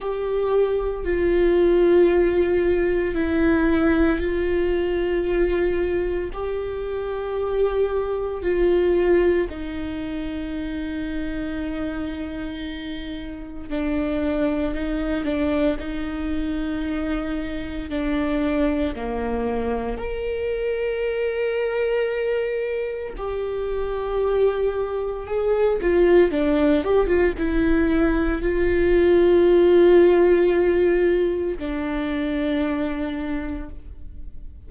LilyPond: \new Staff \with { instrumentName = "viola" } { \time 4/4 \tempo 4 = 57 g'4 f'2 e'4 | f'2 g'2 | f'4 dis'2.~ | dis'4 d'4 dis'8 d'8 dis'4~ |
dis'4 d'4 ais4 ais'4~ | ais'2 g'2 | gis'8 f'8 d'8 g'16 f'16 e'4 f'4~ | f'2 d'2 | }